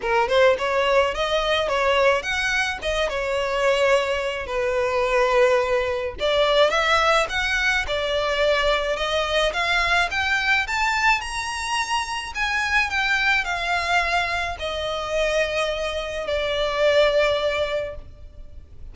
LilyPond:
\new Staff \with { instrumentName = "violin" } { \time 4/4 \tempo 4 = 107 ais'8 c''8 cis''4 dis''4 cis''4 | fis''4 dis''8 cis''2~ cis''8 | b'2. d''4 | e''4 fis''4 d''2 |
dis''4 f''4 g''4 a''4 | ais''2 gis''4 g''4 | f''2 dis''2~ | dis''4 d''2. | }